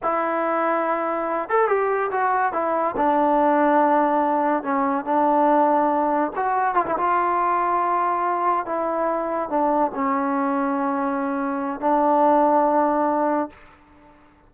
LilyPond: \new Staff \with { instrumentName = "trombone" } { \time 4/4 \tempo 4 = 142 e'2.~ e'8 a'8 | g'4 fis'4 e'4 d'4~ | d'2. cis'4 | d'2. fis'4 |
f'16 e'16 f'2.~ f'8~ | f'8 e'2 d'4 cis'8~ | cis'1 | d'1 | }